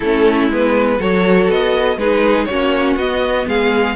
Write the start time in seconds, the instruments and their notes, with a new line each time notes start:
0.00 cello A3, viola C#4, violin E4 A4
0.49 cello G#3, viola B3, violin B4
0.99 cello F#3, viola F#4, violin A4 C#5
1.48 cello B3, violin D#5
1.96 cello G#3, viola D#4, violin G#4 B4
2.44 viola C#4, violin F#4 C#5
2.50 cello A#3
2.95 cello B3, viola B3, violin D#5
3.47 cello G#3, violin G#4 F5